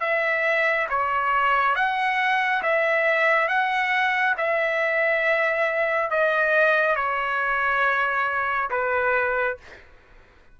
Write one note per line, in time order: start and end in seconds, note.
0.00 0.87 E5
0.89 1.75 C#5
1.75 2.62 F#5
2.62 3.48 E5
3.48 4.35 F#5
4.37 6.10 E5
6.10 6.96 D#5
6.96 8.70 C#5
8.70 9.57 B4